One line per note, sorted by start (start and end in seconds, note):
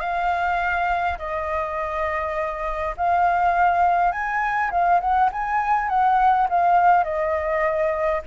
0.00 1.18 F5
1.18 2.95 D#5
2.97 4.11 F5
4.11 4.70 G#5
4.71 5.00 F5
5.00 5.30 F#5
5.32 5.89 G#5
5.89 6.47 F#5
6.49 7.04 F5
7.04 8.21 D#5